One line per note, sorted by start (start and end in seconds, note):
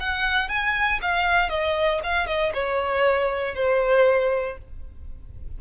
0.00 0.48 F#5
0.48 1.00 G#5
1.02 1.49 F5
1.49 2.01 D#5
2.03 2.27 F5
2.27 2.52 D#5
2.54 3.55 C#5
3.55 4.58 C5